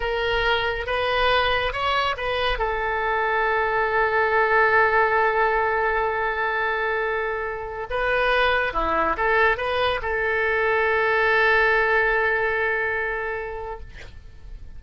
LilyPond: \new Staff \with { instrumentName = "oboe" } { \time 4/4 \tempo 4 = 139 ais'2 b'2 | cis''4 b'4 a'2~ | a'1~ | a'1~ |
a'2~ a'16 b'4.~ b'16~ | b'16 e'4 a'4 b'4 a'8.~ | a'1~ | a'1 | }